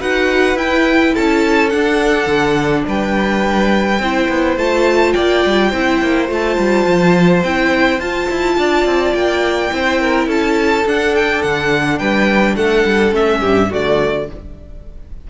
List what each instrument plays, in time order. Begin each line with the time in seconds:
0.00 cello D#4, viola F#4, violin B4 F#5
0.55 cello E4, viola E4, violin G5
1.14 cello C#4, violin A4 A5
1.70 viola D4, cello D4, violin F#5
2.27 cello D3
2.87 cello G3, violin B4 G5
4.00 cello C4, viola E4, violin C5
4.29 cello B3
4.57 cello A3, viola F4, violin A5
5.13 cello A#3, violin D5 G5
5.46 cello G3
5.70 cello C4, viola E4, violin C5
6.02 cello A#3
6.29 cello A3, viola F4, violin A5
6.59 cello G3
6.87 cello F3
7.43 cello C4, viola E4, violin G5
8.00 cello F4, viola F4, violin A5
8.31 cello E4
8.58 cello D4, violin D5
8.86 cello C4
9.15 cello A#3, violin G5
9.71 cello C4, viola E4, violin C5
10.01 violin A#4
10.27 cello C#4, violin A4 A5
10.86 cello D4, viola D4, violin F#5
11.16 violin G5
11.42 cello D3, violin F#5
11.99 cello G3, violin B4 G5
12.56 cello A3, violin A4 F#5
12.85 cello G3
13.12 cello A3, viola C#4, violin E5
13.41 cello G2, violin G4
13.70 cello D3, viola A3, violin F#4 D5